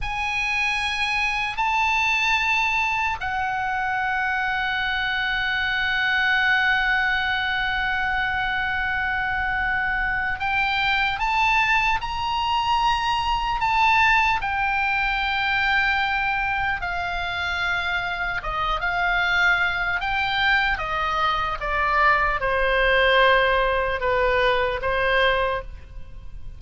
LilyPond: \new Staff \with { instrumentName = "oboe" } { \time 4/4 \tempo 4 = 75 gis''2 a''2 | fis''1~ | fis''1~ | fis''4 g''4 a''4 ais''4~ |
ais''4 a''4 g''2~ | g''4 f''2 dis''8 f''8~ | f''4 g''4 dis''4 d''4 | c''2 b'4 c''4 | }